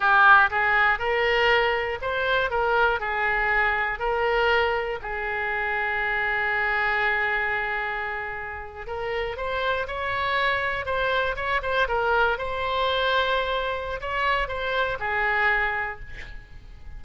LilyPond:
\new Staff \with { instrumentName = "oboe" } { \time 4/4 \tempo 4 = 120 g'4 gis'4 ais'2 | c''4 ais'4 gis'2 | ais'2 gis'2~ | gis'1~ |
gis'4.~ gis'16 ais'4 c''4 cis''16~ | cis''4.~ cis''16 c''4 cis''8 c''8 ais'16~ | ais'8. c''2.~ c''16 | cis''4 c''4 gis'2 | }